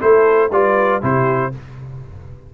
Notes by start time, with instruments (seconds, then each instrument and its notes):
0.00 tuba A3, trombone E4, horn A4, trumpet C5
0.51 tuba G3, trombone F4, horn B4, trumpet D5
1.01 tuba C3, trombone E4, horn G4, trumpet C5